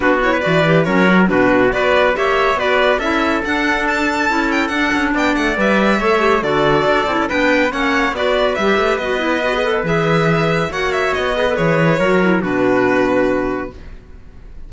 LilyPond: <<
  \new Staff \with { instrumentName = "violin" } { \time 4/4 \tempo 4 = 140 b'8 cis''8 d''4 cis''4 b'4 | d''4 e''4 d''4 e''4 | fis''4 a''4. g''8 fis''4 | g''8 fis''8 e''2 d''4~ |
d''4 g''4 fis''4 d''4 | e''4 dis''2 e''4~ | e''4 fis''8 e''8 dis''4 cis''4~ | cis''4 b'2. | }
  \new Staff \with { instrumentName = "trumpet" } { \time 4/4 fis'8. b'4~ b'16 ais'4 fis'4 | b'4 cis''4 b'4 a'4~ | a'1 | d''2 cis''4 a'4~ |
a'4 b'4 cis''4 b'4~ | b'1~ | b'4 cis''4. b'4. | ais'4 fis'2. | }
  \new Staff \with { instrumentName = "clarinet" } { \time 4/4 d'8 e'8 fis'8 g'8 cis'8 fis'8 d'4 | fis'4 g'4 fis'4 e'4 | d'2 e'4 d'4~ | d'4 b'4 a'8 g'8 fis'4~ |
fis'8 e'8 d'4 cis'4 fis'4 | g'4 fis'8 e'8 fis'16 gis'16 a'8 gis'4~ | gis'4 fis'4. gis'16 a'16 gis'4 | fis'8 e'8 d'2. | }
  \new Staff \with { instrumentName = "cello" } { \time 4/4 b4 e4 fis4 b,4 | b4 ais4 b4 cis'4 | d'2 cis'4 d'8 cis'8 | b8 a8 g4 a4 d4 |
d'8 c'16 cis'16 b4 ais4 b4 | g8 a8 b2 e4~ | e4 ais4 b4 e4 | fis4 b,2. | }
>>